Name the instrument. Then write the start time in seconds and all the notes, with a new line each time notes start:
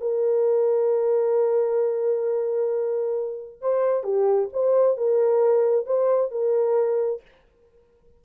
horn
0.00 A#4
3.61 C5
4.04 G4
4.53 C5
4.97 A#4
5.86 C5
6.31 A#4